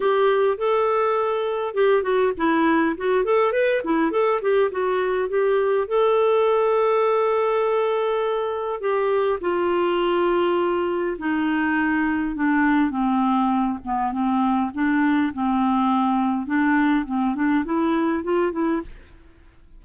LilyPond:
\new Staff \with { instrumentName = "clarinet" } { \time 4/4 \tempo 4 = 102 g'4 a'2 g'8 fis'8 | e'4 fis'8 a'8 b'8 e'8 a'8 g'8 | fis'4 g'4 a'2~ | a'2. g'4 |
f'2. dis'4~ | dis'4 d'4 c'4. b8 | c'4 d'4 c'2 | d'4 c'8 d'8 e'4 f'8 e'8 | }